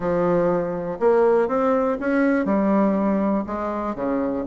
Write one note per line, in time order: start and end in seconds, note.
0.00 0.98 F3
0.99 1.47 A#3
1.47 1.97 C4
2.00 2.45 C#4
2.45 3.44 G3
3.46 3.95 G#3
3.95 4.44 C#3